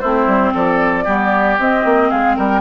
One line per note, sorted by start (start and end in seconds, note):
0.00 0.26 A3
0.00 1.05 C4
0.00 0.53 E4
0.00 0.52 C5
0.26 0.52 G3
0.54 1.07 F3
0.54 1.04 A4
0.54 1.60 D5
1.04 1.58 G3
1.04 1.57 B3
1.04 2.08 G4
1.58 1.84 C4
1.58 2.61 C4
1.58 2.10 D#5
1.84 2.11 A#3
2.10 2.38 G#3
2.10 2.36 G#4
2.10 2.36 F5
2.36 2.61 G3
2.36 2.61 A#4
2.36 2.61 G5